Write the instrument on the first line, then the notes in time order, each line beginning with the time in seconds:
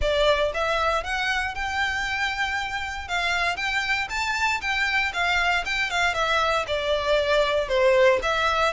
violin
0.01 D5
0.54 E5
1.03 F#5
1.54 G5
3.08 F5
3.56 G5
4.09 A5
4.61 G5
5.13 F5
5.65 G5
5.90 F5
6.14 E5
6.67 D5
7.68 C5
8.22 E5